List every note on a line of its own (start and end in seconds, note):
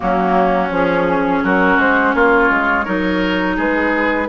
0.00 0.71 F#3
0.00 0.70 A#3
0.00 1.44 C#4
0.00 0.71 F#4
0.70 1.42 F3
0.70 2.85 C#4
0.70 1.44 G#4
1.43 1.77 F#3
1.43 2.15 F#4
1.43 1.79 A#4
1.77 2.13 G#3
1.77 2.13 C5
2.13 2.50 A#3
2.13 2.84 F4
2.13 3.56 C#5
2.50 2.86 G#3
2.84 3.57 F#3
2.84 4.28 D#4
2.84 3.56 A#4
3.56 4.28 G#3
3.56 4.27 G#4
3.56 4.28 B4